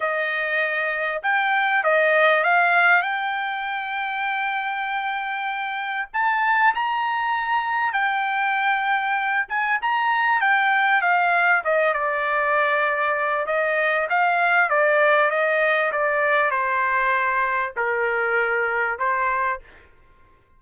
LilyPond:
\new Staff \with { instrumentName = "trumpet" } { \time 4/4 \tempo 4 = 98 dis''2 g''4 dis''4 | f''4 g''2.~ | g''2 a''4 ais''4~ | ais''4 g''2~ g''8 gis''8 |
ais''4 g''4 f''4 dis''8 d''8~ | d''2 dis''4 f''4 | d''4 dis''4 d''4 c''4~ | c''4 ais'2 c''4 | }